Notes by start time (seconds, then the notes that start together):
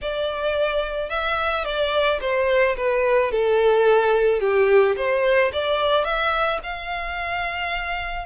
0.02 D5
1.09 E5
1.64 D5
2.20 C5
2.76 B4
3.31 A4
4.40 G4
4.96 C5
5.52 D5
6.04 E5
6.63 F5